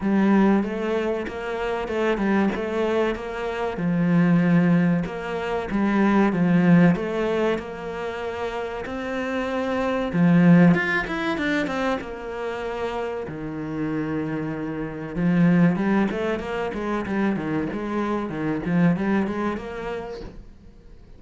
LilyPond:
\new Staff \with { instrumentName = "cello" } { \time 4/4 \tempo 4 = 95 g4 a4 ais4 a8 g8 | a4 ais4 f2 | ais4 g4 f4 a4 | ais2 c'2 |
f4 f'8 e'8 d'8 c'8 ais4~ | ais4 dis2. | f4 g8 a8 ais8 gis8 g8 dis8 | gis4 dis8 f8 g8 gis8 ais4 | }